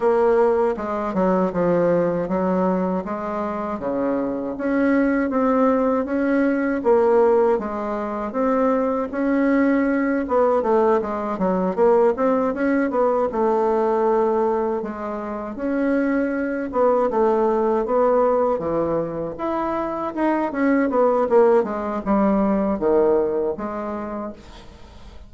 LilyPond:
\new Staff \with { instrumentName = "bassoon" } { \time 4/4 \tempo 4 = 79 ais4 gis8 fis8 f4 fis4 | gis4 cis4 cis'4 c'4 | cis'4 ais4 gis4 c'4 | cis'4. b8 a8 gis8 fis8 ais8 |
c'8 cis'8 b8 a2 gis8~ | gis8 cis'4. b8 a4 b8~ | b8 e4 e'4 dis'8 cis'8 b8 | ais8 gis8 g4 dis4 gis4 | }